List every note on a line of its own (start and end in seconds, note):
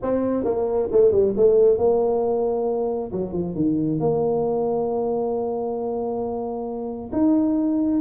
0.02 0.44 C4
0.44 0.89 A#3
0.91 1.11 A3
1.11 1.34 G3
1.36 1.78 A3
1.78 3.11 A#3
3.12 3.33 F#3
3.33 3.55 F3
3.55 3.99 D#3
3.99 7.10 A#3
7.12 8.01 D#4